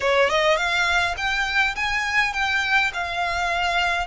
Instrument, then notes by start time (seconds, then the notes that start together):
violin
0.00 C#5
0.29 D#5
0.57 F5
1.17 G5
1.75 G#5
2.33 G5
2.93 F5